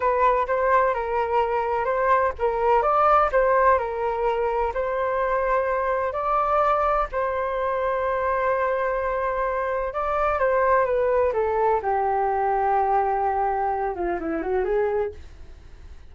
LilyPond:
\new Staff \with { instrumentName = "flute" } { \time 4/4 \tempo 4 = 127 b'4 c''4 ais'2 | c''4 ais'4 d''4 c''4 | ais'2 c''2~ | c''4 d''2 c''4~ |
c''1~ | c''4 d''4 c''4 b'4 | a'4 g'2.~ | g'4. f'8 e'8 fis'8 gis'4 | }